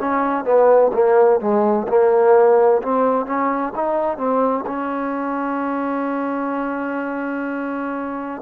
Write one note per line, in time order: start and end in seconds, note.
0.00 0.45 C#4
0.45 0.92 B3
0.94 1.40 A#3
1.40 1.87 G#3
1.88 2.82 A#3
2.83 3.26 C4
3.26 3.73 C#4
3.75 4.18 D#4
4.18 4.64 C4
4.67 8.42 C#4